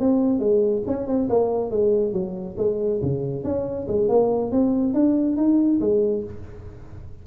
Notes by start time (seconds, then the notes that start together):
0.00 C4
0.40 G#3
0.87 C#4
1.08 C4
1.30 A#3
1.71 G#3
2.13 F#3
2.58 G#3
3.03 C#3
3.44 C#4
3.88 G#3
4.09 A#3
4.52 C4
4.94 D4
5.37 D#4
5.81 G#3